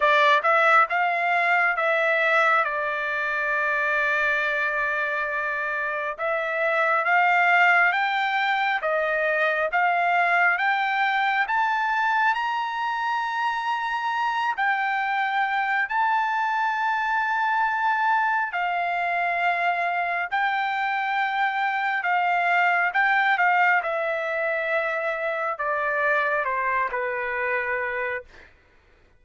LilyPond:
\new Staff \with { instrumentName = "trumpet" } { \time 4/4 \tempo 4 = 68 d''8 e''8 f''4 e''4 d''4~ | d''2. e''4 | f''4 g''4 dis''4 f''4 | g''4 a''4 ais''2~ |
ais''8 g''4. a''2~ | a''4 f''2 g''4~ | g''4 f''4 g''8 f''8 e''4~ | e''4 d''4 c''8 b'4. | }